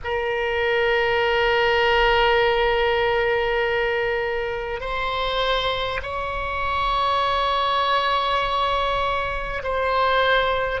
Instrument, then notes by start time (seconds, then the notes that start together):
oboe
0.03 A#4
4.80 C5
6.02 C#5
9.63 C5